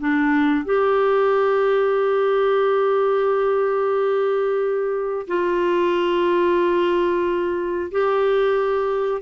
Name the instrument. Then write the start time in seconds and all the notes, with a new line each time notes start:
clarinet
0.00 D4
0.65 G4
5.27 F4
7.92 G4